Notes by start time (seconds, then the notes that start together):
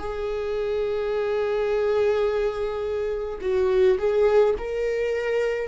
0.00 G#4
3.42 F#4
3.99 G#4
4.59 A#4